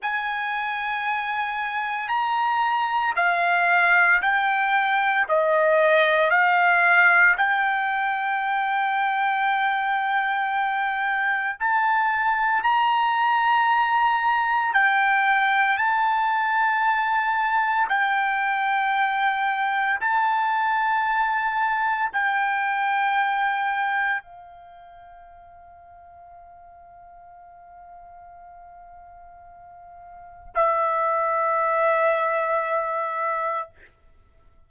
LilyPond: \new Staff \with { instrumentName = "trumpet" } { \time 4/4 \tempo 4 = 57 gis''2 ais''4 f''4 | g''4 dis''4 f''4 g''4~ | g''2. a''4 | ais''2 g''4 a''4~ |
a''4 g''2 a''4~ | a''4 g''2 f''4~ | f''1~ | f''4 e''2. | }